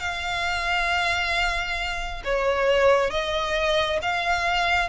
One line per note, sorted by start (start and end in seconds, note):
0.00 2.22 F5
2.24 3.10 C#5
3.10 3.99 D#5
4.02 4.89 F5